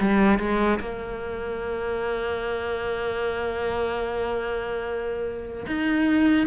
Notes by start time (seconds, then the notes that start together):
0.00 G3
0.39 G#3
0.79 A#3
5.66 D#4